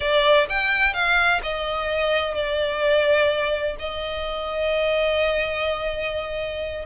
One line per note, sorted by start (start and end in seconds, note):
0.00 0.47 D5
0.49 0.93 G5
0.93 1.40 F5
1.43 2.34 D#5
2.34 3.76 D5
3.79 6.85 D#5